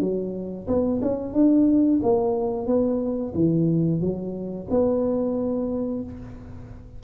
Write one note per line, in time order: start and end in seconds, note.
0.00 0.67 F#3
0.67 1.01 B3
1.02 1.33 C#4
1.33 2.00 D4
2.02 2.66 A#3
2.66 3.33 B3
3.35 4.00 E3
4.00 4.67 F#3
4.70 6.03 B3